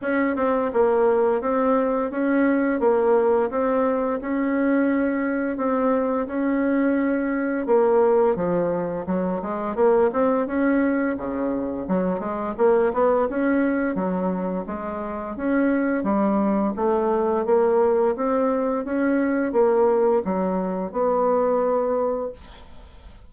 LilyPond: \new Staff \with { instrumentName = "bassoon" } { \time 4/4 \tempo 4 = 86 cis'8 c'8 ais4 c'4 cis'4 | ais4 c'4 cis'2 | c'4 cis'2 ais4 | f4 fis8 gis8 ais8 c'8 cis'4 |
cis4 fis8 gis8 ais8 b8 cis'4 | fis4 gis4 cis'4 g4 | a4 ais4 c'4 cis'4 | ais4 fis4 b2 | }